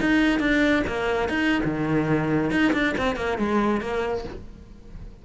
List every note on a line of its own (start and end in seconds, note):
0.00 0.39 D#4
0.39 0.83 D4
0.87 1.28 A#3
1.28 1.61 D#4
1.64 2.50 D#3
2.50 2.72 D#4
2.73 2.94 D4
2.97 3.16 C4
3.16 3.38 A#3
3.38 3.80 G#3
3.80 4.24 A#3